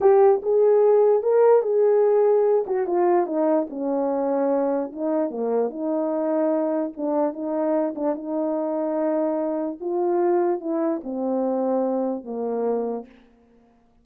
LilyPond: \new Staff \with { instrumentName = "horn" } { \time 4/4 \tempo 4 = 147 g'4 gis'2 ais'4 | gis'2~ gis'8 fis'8 f'4 | dis'4 cis'2. | dis'4 ais4 dis'2~ |
dis'4 d'4 dis'4. d'8 | dis'1 | f'2 e'4 c'4~ | c'2 ais2 | }